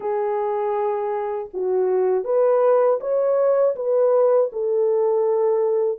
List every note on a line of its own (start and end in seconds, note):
0.00 1.49 G#4
1.53 2.24 F#4
2.24 2.99 B4
3.00 3.75 C#5
3.75 4.50 B4
4.52 5.98 A4